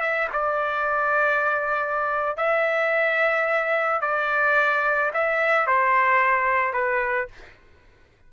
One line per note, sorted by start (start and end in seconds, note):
0.00 0.28 E5
0.33 2.36 D5
2.36 4.01 E5
4.01 5.11 D5
5.13 5.67 E5
5.67 6.73 C5
6.73 7.28 B4